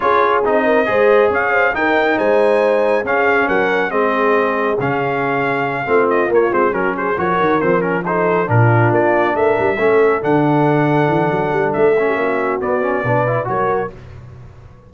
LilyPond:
<<
  \new Staff \with { instrumentName = "trumpet" } { \time 4/4 \tempo 4 = 138 cis''4 dis''2 f''4 | g''4 gis''2 f''4 | fis''4 dis''2 f''4~ | f''2 dis''8 cis''8 c''8 ais'8 |
c''8 cis''4 c''8 ais'8 c''4 ais'8~ | ais'8 d''4 e''2 fis''8~ | fis''2. e''4~ | e''4 d''2 cis''4 | }
  \new Staff \with { instrumentName = "horn" } { \time 4/4 gis'4. ais'8 c''4 cis''8 c''8 | ais'4 c''2 gis'4 | ais'4 gis'2.~ | gis'4. f'2 fis'8 |
gis'8 ais'2 a'4 f'8~ | f'4. ais'4 a'4.~ | a'2.~ a'8. g'16 | fis'2 b'4 ais'4 | }
  \new Staff \with { instrumentName = "trombone" } { \time 4/4 f'4 dis'4 gis'2 | dis'2. cis'4~ | cis'4 c'2 cis'4~ | cis'4. c'4 ais8 c'8 cis'8~ |
cis'8 fis'4 c'8 cis'8 dis'4 d'8~ | d'2~ d'8 cis'4 d'8~ | d'2.~ d'8 cis'8~ | cis'4 b8 cis'8 d'8 e'8 fis'4 | }
  \new Staff \with { instrumentName = "tuba" } { \time 4/4 cis'4 c'4 gis4 cis'4 | dis'4 gis2 cis'4 | fis4 gis2 cis4~ | cis4. a4 ais8 gis8 fis8~ |
fis8 f8 dis8 f2 ais,8~ | ais,8 ais4 a8 g8 a4 d8~ | d4. e8 fis8 g8 a4 | ais4 b4 b,4 fis4 | }
>>